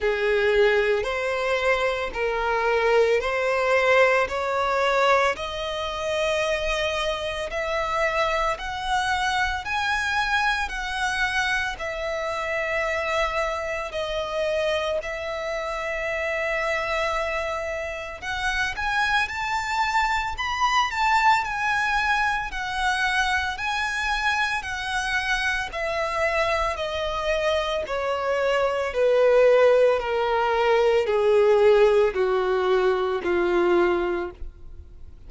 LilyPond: \new Staff \with { instrumentName = "violin" } { \time 4/4 \tempo 4 = 56 gis'4 c''4 ais'4 c''4 | cis''4 dis''2 e''4 | fis''4 gis''4 fis''4 e''4~ | e''4 dis''4 e''2~ |
e''4 fis''8 gis''8 a''4 b''8 a''8 | gis''4 fis''4 gis''4 fis''4 | e''4 dis''4 cis''4 b'4 | ais'4 gis'4 fis'4 f'4 | }